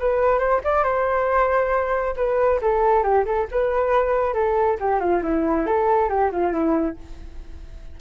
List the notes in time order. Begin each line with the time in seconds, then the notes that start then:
0.00 B4
0.39 C5
0.65 D5
0.84 C5
2.17 B4
2.62 A4
3.04 G4
3.26 A4
3.52 B4
4.34 A4
4.80 G4
5.00 F4
5.23 E4
5.67 A4
6.10 G4
6.32 F4
6.53 E4